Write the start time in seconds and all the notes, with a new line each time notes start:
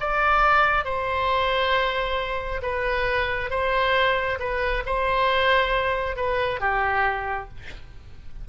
0.00 D5
0.85 C5
2.62 B4
3.50 C5
4.39 B4
4.86 C5
6.16 B4
6.60 G4